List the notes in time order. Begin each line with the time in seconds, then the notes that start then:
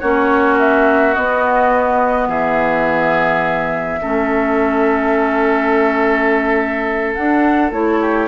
0.00 A#3 C#4 F#4 C#5
0.59 E5
1.14 B3 D#5
2.27 E3 G#4 E5
4.01 A3 C#4 A4
7.14 D4 F#5
7.71 A3 E4 C#5
8.00 G4